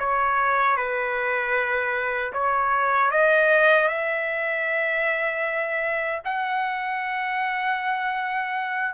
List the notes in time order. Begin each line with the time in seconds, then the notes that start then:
0.00 C#5
0.77 B4
2.33 C#5
3.11 D#5
3.89 E5
6.25 F#5